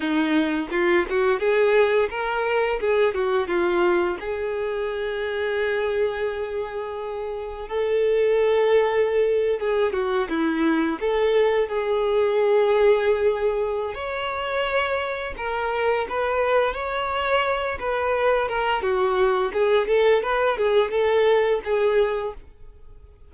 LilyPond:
\new Staff \with { instrumentName = "violin" } { \time 4/4 \tempo 4 = 86 dis'4 f'8 fis'8 gis'4 ais'4 | gis'8 fis'8 f'4 gis'2~ | gis'2. a'4~ | a'4.~ a'16 gis'8 fis'8 e'4 a'16~ |
a'8. gis'2.~ gis'16 | cis''2 ais'4 b'4 | cis''4. b'4 ais'8 fis'4 | gis'8 a'8 b'8 gis'8 a'4 gis'4 | }